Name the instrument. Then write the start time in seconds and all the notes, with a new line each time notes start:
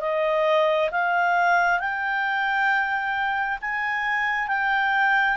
clarinet
0.00 D#5
0.91 F5
1.79 G5
3.61 G#5
4.48 G5